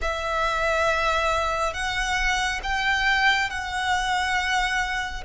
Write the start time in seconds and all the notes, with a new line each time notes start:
0.01 E5
1.73 F#5
2.63 G5
3.50 F#5